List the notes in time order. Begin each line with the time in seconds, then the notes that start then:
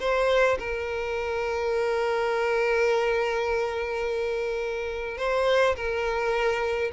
0.00 C5
0.59 A#4
5.18 C5
5.76 A#4